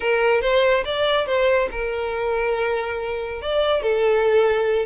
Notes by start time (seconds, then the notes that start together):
0.00 A#4
0.41 C5
0.85 D5
1.26 C5
1.71 A#4
3.41 D5
3.82 A4